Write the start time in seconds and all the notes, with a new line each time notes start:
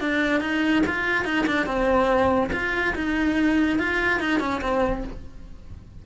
0.00 D4
0.40 D#4
0.86 F4
1.24 D#4
1.46 D4
1.66 C4
2.52 F4
2.95 D#4
3.79 F4
4.20 D#4
4.40 C#4
4.61 C4